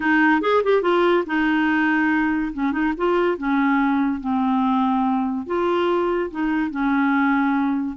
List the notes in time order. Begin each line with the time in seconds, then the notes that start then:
0.00 D#4
0.41 G#4
0.63 G4
0.82 F4
1.26 D#4
2.53 C#4
2.72 D#4
2.97 F4
3.37 C#4
4.20 C4
5.46 F4
6.30 D#4
6.70 C#4